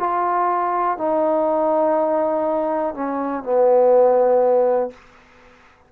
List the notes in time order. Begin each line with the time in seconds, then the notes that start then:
0.00 F4
0.98 D#4
2.95 C#4
3.43 B3